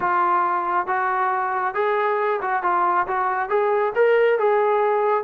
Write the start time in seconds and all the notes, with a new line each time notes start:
0.00 F4
0.86 F#4
1.74 G#4
2.41 F#4
2.62 F4
3.07 F#4
3.49 G#4
3.95 A#4
4.38 G#4